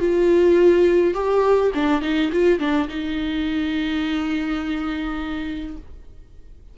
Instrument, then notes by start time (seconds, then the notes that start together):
viola
0.00 F4
1.14 G4
1.75 D4
2.02 D#4
2.33 F4
2.60 D4
2.89 D#4